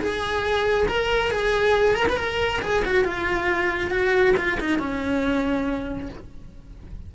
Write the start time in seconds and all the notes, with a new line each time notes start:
0.00 G#4
0.88 A#4
1.31 G#4
1.95 A#4
2.09 B4
2.17 A#4
2.62 G#4
2.85 F#4
3.04 F4
3.91 F#4
4.37 F4
4.60 D#4
4.79 C#4